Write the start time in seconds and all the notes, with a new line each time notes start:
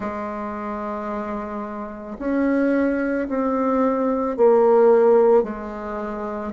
0.00 G#3
2.18 C#4
3.28 C4
4.36 A#3
5.42 G#3